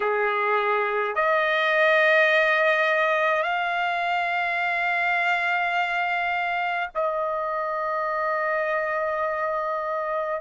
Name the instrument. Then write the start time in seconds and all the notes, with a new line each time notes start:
trumpet
0.00 G#4
1.15 D#5
3.42 F5
6.94 D#5